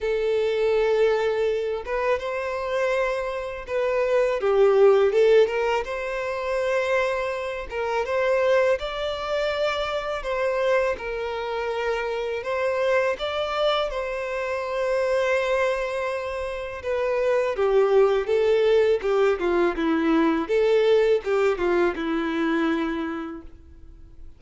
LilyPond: \new Staff \with { instrumentName = "violin" } { \time 4/4 \tempo 4 = 82 a'2~ a'8 b'8 c''4~ | c''4 b'4 g'4 a'8 ais'8 | c''2~ c''8 ais'8 c''4 | d''2 c''4 ais'4~ |
ais'4 c''4 d''4 c''4~ | c''2. b'4 | g'4 a'4 g'8 f'8 e'4 | a'4 g'8 f'8 e'2 | }